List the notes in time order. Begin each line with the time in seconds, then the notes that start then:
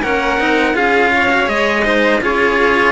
0.00 A#3 C#4 A#4 F#5
0.38 C4 D#4
0.73 C#4 F4 G#4 F5
1.14 C#5
1.29 F#4
1.45 G#3 G#4 D#5
1.84 D#4 C5
2.20 C#4 F4 G#4 C#5